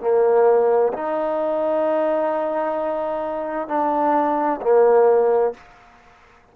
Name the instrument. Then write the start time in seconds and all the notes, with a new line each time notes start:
trombone
0.00 A#3
0.93 D#4
3.68 D4
4.61 A#3